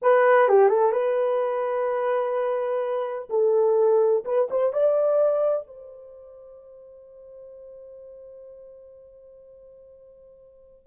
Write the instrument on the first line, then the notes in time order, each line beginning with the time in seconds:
horn
0.02 B4
0.48 G4
0.69 A4
0.92 B4
3.29 A4
4.25 B4
4.50 C5
4.72 D5
5.67 C5